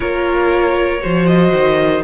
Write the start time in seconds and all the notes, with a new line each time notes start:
0.00 A#3 F4 A#4 C#5
1.01 F3 F#4 C5
1.26 D#5
1.51 D#3